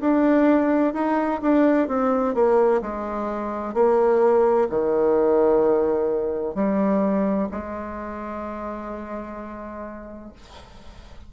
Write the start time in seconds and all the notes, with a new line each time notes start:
0.00 D4
0.93 D#4
1.42 D4
1.87 C4
2.34 A#3
2.81 G#3
3.74 A#3
4.69 D#3
6.55 G3
7.51 G#3